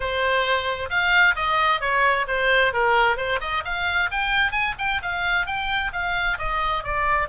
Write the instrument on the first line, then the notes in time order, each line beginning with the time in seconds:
oboe
0.00 C5
0.89 F5
1.35 D#5
1.80 C#5
2.27 C5
2.73 A#4
3.16 C5
3.40 D#5
3.64 F5
4.11 G5
4.51 G#5
4.78 G5
5.02 F5
5.46 G5
5.92 F5
6.38 D#5
6.83 D5